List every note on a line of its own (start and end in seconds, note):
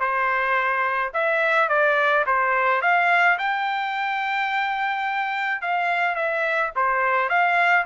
0.00 1.12 C5
1.13 1.69 E5
1.69 2.25 D5
2.27 2.82 C5
2.82 3.38 F5
3.38 5.62 G5
5.62 6.15 F5
6.15 6.71 E5
6.76 7.29 C5
7.29 7.85 F5